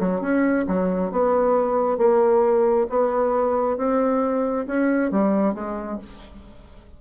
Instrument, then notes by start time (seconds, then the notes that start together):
bassoon
0.00 F#3
0.21 C#4
0.67 F#3
1.12 B3
1.98 A#3
2.89 B3
3.78 C4
4.67 C#4
5.11 G3
5.54 G#3